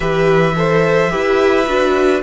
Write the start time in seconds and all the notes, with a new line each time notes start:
0.00 E3 G4 B4 E5
0.56 A4 C5
1.09 E4 G4 B4
1.66 D4 F#4